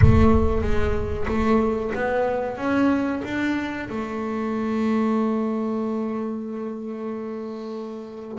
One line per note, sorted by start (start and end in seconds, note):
0.01 0.61 A3
0.61 1.26 G#3
1.27 1.92 A3
1.94 2.57 B3
2.57 3.21 C#4
3.24 3.89 D4
3.89 8.38 A3